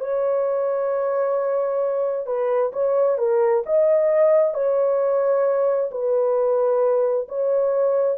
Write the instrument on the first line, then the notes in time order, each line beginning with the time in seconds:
horn
0.00 C#5
2.26 B4
2.73 C#5
3.18 A#4
3.66 D#5
4.54 C#5
5.91 B4
7.29 C#5